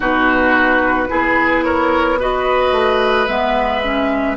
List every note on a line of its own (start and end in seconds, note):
0.00 1.09 B2
0.00 1.07 D#4
0.00 1.08 F#4
0.00 1.64 B4
1.08 2.72 B3
1.08 2.17 E4
1.08 1.65 G#4
1.64 2.19 A#4
1.64 2.18 C#5
2.19 3.27 F#4
2.19 4.36 B4
2.19 3.27 D#5
2.72 3.26 A3
3.27 4.36 G#3
3.27 3.81 B3
3.27 4.36 E5
3.82 4.36 C#4